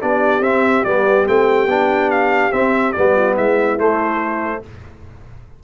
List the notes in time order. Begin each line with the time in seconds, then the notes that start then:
0.00 B3 D4 G4 D5
0.41 C4 E5
0.85 G3 B3 D5
1.26 A3 C4 G5
1.67 B3 D4
2.11 F5
2.52 C4 E5
2.93 G3 B3 D5
3.15 F4
3.34 G#3 E4 E5
3.79 A3 C5